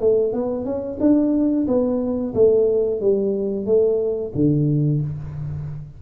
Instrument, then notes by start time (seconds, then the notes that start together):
tuba
0.00 A3
0.33 B3
0.65 C#4
1.00 D4
1.67 B3
2.34 A3
3.01 G3
3.65 A3
4.35 D3